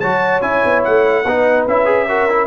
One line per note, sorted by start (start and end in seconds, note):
0.00 0.42 F#3
0.00 0.42 F#4
0.00 1.25 C#5
0.00 0.41 A5
0.42 0.62 C#4
0.42 1.24 E4
0.42 0.83 G#5
0.65 0.85 B3
0.84 1.25 A3
0.84 1.66 F#5
1.25 1.66 B3
1.25 1.69 D#4
1.25 2.09 B4
1.67 2.47 C#4
1.67 1.86 E4
1.67 2.47 E5
1.86 2.06 G#4
2.09 2.29 F#4
2.09 2.47 A#4
2.30 2.47 E4